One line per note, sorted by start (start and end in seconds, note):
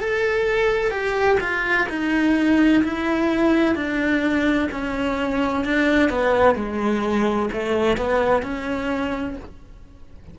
0.00 0.91 A4
0.91 1.38 G4
1.40 1.87 F4
1.89 2.83 D#4
2.84 3.75 E4
3.75 4.69 D4
4.71 5.65 C#4
5.65 6.10 D4
6.10 6.55 B3
6.55 7.49 G#3
7.53 7.97 A3
7.97 8.42 B3
8.42 9.36 C#4